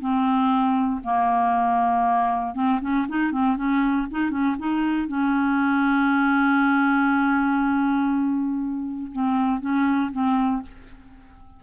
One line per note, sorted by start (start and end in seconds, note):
0.00 1.01 C4
1.04 2.55 A#3
2.55 2.80 C4
2.81 3.06 C#4
3.08 3.32 D#4
3.32 3.57 C4
3.57 4.07 C#4
4.11 4.30 D#4
4.30 4.56 C#4
4.58 5.08 D#4
5.08 9.11 C#4
9.12 9.60 C4
9.60 10.11 C#4
10.12 10.62 C4